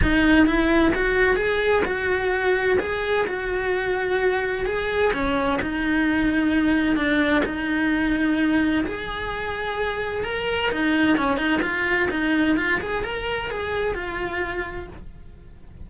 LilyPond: \new Staff \with { instrumentName = "cello" } { \time 4/4 \tempo 4 = 129 dis'4 e'4 fis'4 gis'4 | fis'2 gis'4 fis'4~ | fis'2 gis'4 cis'4 | dis'2. d'4 |
dis'2. gis'4~ | gis'2 ais'4 dis'4 | cis'8 dis'8 f'4 dis'4 f'8 gis'8 | ais'4 gis'4 f'2 | }